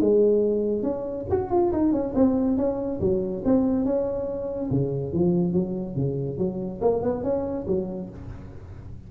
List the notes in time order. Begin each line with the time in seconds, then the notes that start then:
0.00 G#3
0.83 C#4
1.30 F#4
1.50 F4
1.72 D#4
1.92 C#4
2.14 C4
2.57 C#4
3.00 F#3
3.44 C4
3.85 C#4
4.70 C#3
5.12 F3
5.53 F#3
5.95 C#3
6.37 F#3
6.81 A#3
7.02 B3
7.23 C#4
7.67 F#3